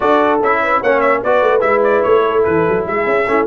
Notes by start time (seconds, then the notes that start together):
0.00 D4 F#4 A4 D5
0.41 C#4 E4 E5
0.62 B4
0.80 A#3 C#4 C#5 F#5
1.00 E5
1.23 B3 F#4 B4 D5
1.41 A3
1.60 G#3 E4 E5
1.83 D5
2.03 A3 C#5
2.27 A4
2.43 E3 B4
2.68 F#3
2.87 G#3 G#4 E5
3.06 C#4
3.27 A3 C#4 E4